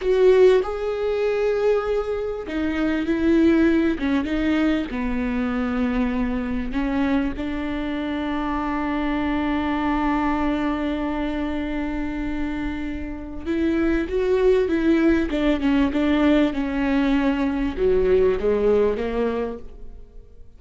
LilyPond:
\new Staff \with { instrumentName = "viola" } { \time 4/4 \tempo 4 = 98 fis'4 gis'2. | dis'4 e'4. cis'8 dis'4 | b2. cis'4 | d'1~ |
d'1~ | d'2 e'4 fis'4 | e'4 d'8 cis'8 d'4 cis'4~ | cis'4 fis4 gis4 ais4 | }